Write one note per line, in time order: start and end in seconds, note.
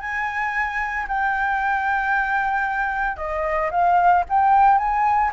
0.00 1.06 G#5
1.08 3.17 G5
3.17 3.70 D#5
3.71 4.24 F5
4.29 4.78 G5
4.78 5.31 G#5